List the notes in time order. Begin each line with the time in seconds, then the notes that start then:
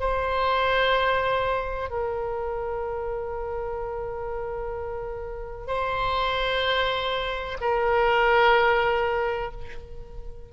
0.00 C5
1.90 A#4
5.68 C5
7.61 A#4